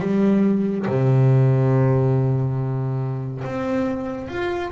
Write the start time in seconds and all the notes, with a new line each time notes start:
0.00 G3
0.87 C3
3.44 C4
4.28 F4